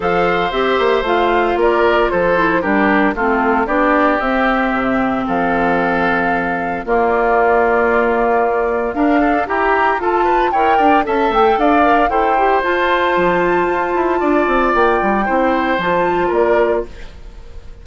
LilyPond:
<<
  \new Staff \with { instrumentName = "flute" } { \time 4/4 \tempo 4 = 114 f''4 e''4 f''4 d''4 | c''4 ais'4 a'4 d''4 | e''2 f''2~ | f''4 d''2.~ |
d''4 f''4 ais''4 a''4 | g''4 a''8 g''8 f''4 g''4 | a''1 | g''2 a''4 d''4 | }
  \new Staff \with { instrumentName = "oboe" } { \time 4/4 c''2. ais'4 | a'4 g'4 f'4 g'4~ | g'2 a'2~ | a'4 f'2.~ |
f'4 ais'8 a'8 g'4 a'8 b'8 | cis''8 d''8 e''4 d''4 c''4~ | c''2. d''4~ | d''4 c''2 ais'4 | }
  \new Staff \with { instrumentName = "clarinet" } { \time 4/4 a'4 g'4 f'2~ | f'8 e'8 d'4 c'4 d'4 | c'1~ | c'4 ais2.~ |
ais4 d'4 g'4 f'4 | ais'4 a'4. ais'8 a'8 g'8 | f'1~ | f'4 e'4 f'2 | }
  \new Staff \with { instrumentName = "bassoon" } { \time 4/4 f4 c'8 ais8 a4 ais4 | f4 g4 a4 b4 | c'4 c4 f2~ | f4 ais2.~ |
ais4 d'4 e'4 f'4 | e'8 d'8 cis'8 a8 d'4 e'4 | f'4 f4 f'8 e'8 d'8 c'8 | ais8 g8 c'4 f4 ais4 | }
>>